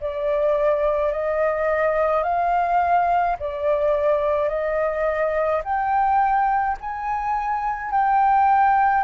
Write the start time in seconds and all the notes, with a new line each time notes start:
0.00 D5
1.12 D#5
2.23 F5
3.39 D5
4.48 D#5
5.64 G5
6.80 G#5
7.91 G5